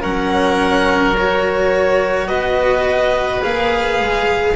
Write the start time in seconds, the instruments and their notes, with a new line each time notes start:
0.00 double bass F#3, cello C#4, oboe A#4, violin F#5
1.17 cello F#4, violin C#5
2.27 double bass B3, oboe B4, violin D#5
3.41 double bass A#3, cello G#4, violin F5
4.00 double bass G#3